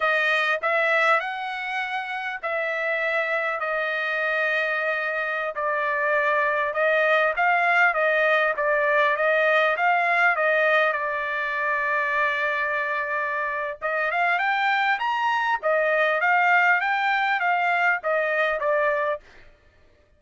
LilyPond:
\new Staff \with { instrumentName = "trumpet" } { \time 4/4 \tempo 4 = 100 dis''4 e''4 fis''2 | e''2 dis''2~ | dis''4~ dis''16 d''2 dis''8.~ | dis''16 f''4 dis''4 d''4 dis''8.~ |
dis''16 f''4 dis''4 d''4.~ d''16~ | d''2. dis''8 f''8 | g''4 ais''4 dis''4 f''4 | g''4 f''4 dis''4 d''4 | }